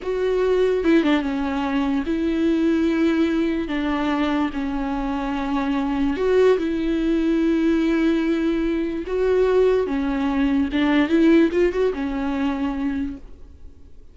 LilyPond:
\new Staff \with { instrumentName = "viola" } { \time 4/4 \tempo 4 = 146 fis'2 e'8 d'8 cis'4~ | cis'4 e'2.~ | e'4 d'2 cis'4~ | cis'2. fis'4 |
e'1~ | e'2 fis'2 | cis'2 d'4 e'4 | f'8 fis'8 cis'2. | }